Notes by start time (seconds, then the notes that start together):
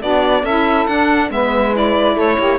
0.00 B3 D4 F#4 D5
0.42 C#4 E4 A4 E5
0.86 D4 F#5
1.30 G#3 B3 B4 E5
1.72 E4 D5
2.14 A3 A4 C#5
2.37 A#3 G4